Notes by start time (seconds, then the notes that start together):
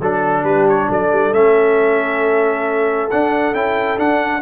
0.00 F#3 D4 A4
0.43 G3 G4 B4
0.68 C#5
0.88 F#3 A4 D5
1.11 G3
1.32 A3 C#4 E5
3.10 D4 F#5
3.53 C#4 E4 G5
3.97 D4 F#5